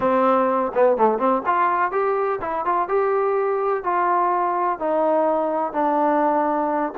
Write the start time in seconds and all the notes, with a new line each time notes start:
0.00 C4
0.74 B3
0.96 A3
1.18 C4
1.46 F4
1.91 G4
2.41 E4
2.65 F4
2.88 G4
3.83 F4
4.79 D#4
5.73 D4